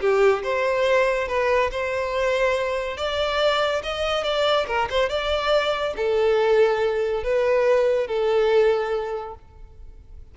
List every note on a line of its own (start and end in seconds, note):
0.00 0.43 G4
0.43 1.28 C5
1.28 1.70 B4
1.71 2.97 C5
2.97 3.82 D5
3.83 4.23 D#5
4.23 4.66 D5
4.67 4.88 A#4
4.90 5.09 C5
5.09 5.94 D5
5.96 7.23 A4
7.23 8.07 B4
8.07 9.34 A4